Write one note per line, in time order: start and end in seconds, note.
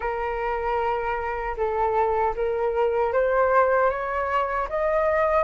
0.00 1.56 A#4
1.57 2.34 A4
2.36 3.12 A#4
3.12 3.90 C5
3.90 4.68 C#5
4.69 5.43 D#5